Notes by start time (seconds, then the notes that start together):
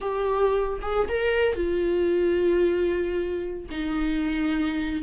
0.00 G4
0.81 G#4
1.08 A#4
1.55 F4
3.70 D#4